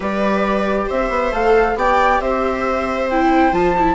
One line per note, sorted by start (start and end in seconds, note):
0.00 0.87 G3
0.00 1.30 G4
0.00 0.87 B4
0.00 0.89 D5
0.87 1.09 C4
0.87 1.75 C5
0.87 1.33 E5
1.09 1.31 B3
1.32 1.75 A3
1.32 1.76 A4
1.32 1.77 F5
1.75 2.19 B3
1.75 3.08 G4
1.75 2.21 D5
1.75 2.20 G5
2.19 3.52 C4
2.19 3.95 C5
2.19 3.09 E5
3.09 3.52 E4
3.09 3.53 G5
3.52 3.95 F3
3.52 3.74 F4
3.52 3.95 A5
3.79 3.95 E4